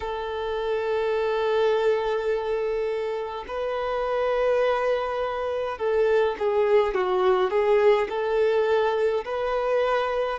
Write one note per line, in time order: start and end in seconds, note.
0.00 3.45 A4
3.47 5.77 B4
5.77 6.35 A4
6.38 6.94 G#4
6.94 7.50 F#4
7.50 8.08 G#4
8.09 9.24 A4
9.25 10.38 B4